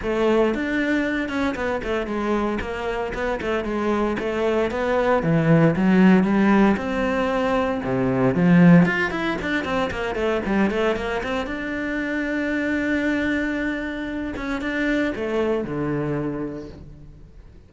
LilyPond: \new Staff \with { instrumentName = "cello" } { \time 4/4 \tempo 4 = 115 a4 d'4. cis'8 b8 a8 | gis4 ais4 b8 a8 gis4 | a4 b4 e4 fis4 | g4 c'2 c4 |
f4 f'8 e'8 d'8 c'8 ais8 a8 | g8 a8 ais8 c'8 d'2~ | d'2.~ d'8 cis'8 | d'4 a4 d2 | }